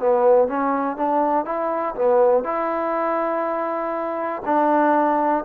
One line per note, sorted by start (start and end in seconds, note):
0.00 0.48 B3
0.48 0.97 C#4
0.97 1.45 D4
1.45 1.95 E4
1.96 2.45 B3
2.45 4.43 E4
4.46 5.45 D4